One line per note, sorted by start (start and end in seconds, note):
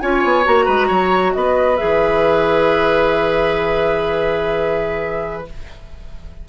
0.00 0.24 C#4
0.00 0.44 F4
0.00 0.65 C#5
0.00 0.44 G#5
0.24 0.46 B3
0.44 0.68 A#3
0.44 1.78 F#4
0.44 1.33 A#5
0.65 0.90 G#3
0.65 0.87 B4
0.87 1.34 F#3
0.87 1.32 C#5
1.33 1.80 B3
1.33 5.48 B4
1.33 1.77 D#5
1.77 5.49 E3
1.77 5.45 G#4
1.77 5.44 E5